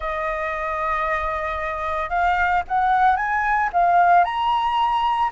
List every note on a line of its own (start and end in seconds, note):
0.00 2.09 D#5
2.09 2.62 F5
2.68 3.16 F#5
3.16 3.69 G#5
3.73 4.24 F5
4.24 5.30 A#5